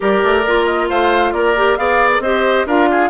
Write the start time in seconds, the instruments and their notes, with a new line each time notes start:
0.00 bassoon G3, clarinet G4, oboe A#4, flute D5
0.23 bassoon A3
0.45 bassoon A#3, clarinet F4
0.65 flute D#5
0.89 bassoon A3, oboe C5, flute F5
1.32 bassoon A#3, oboe A#4, flute D5
1.56 clarinet G4
1.76 bassoon B3, clarinet G#4, oboe D5, flute F5
2.10 flute A#4
2.19 bassoon C4, clarinet G4, oboe C5, flute D#5
2.65 bassoon D4, clarinet F4, oboe A#4, flute F5
2.90 oboe G#4